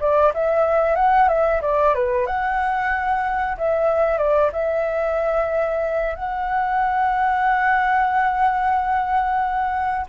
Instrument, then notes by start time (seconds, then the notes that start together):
flute
0.00 D5
0.33 E5
0.95 F#5
1.28 E5
1.62 D5
1.94 B4
2.26 F#5
3.57 E5
4.18 D5
4.52 E5
6.15 F#5